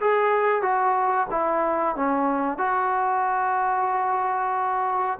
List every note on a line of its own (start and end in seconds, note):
0.00 0.62 G#4
0.62 1.27 F#4
1.30 1.95 E4
1.95 2.58 C#4
2.58 5.19 F#4